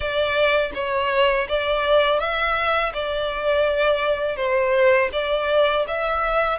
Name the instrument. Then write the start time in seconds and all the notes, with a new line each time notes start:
violin
0.00 D5
0.74 C#5
1.48 D5
2.19 E5
2.93 D5
4.36 C5
5.12 D5
5.87 E5